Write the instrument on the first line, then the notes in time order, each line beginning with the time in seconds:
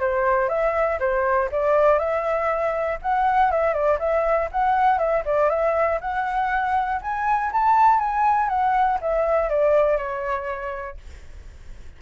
flute
0.00 C5
0.49 E5
1.00 C5
1.52 D5
1.99 E5
3.02 F#5
3.51 E5
3.74 D5
3.99 E5
4.52 F#5
4.98 E5
5.25 D5
5.50 E5
6.01 F#5
7.02 G#5
7.52 A5
7.99 G#5
8.49 F#5
9.01 E5
9.49 D5
9.97 C#5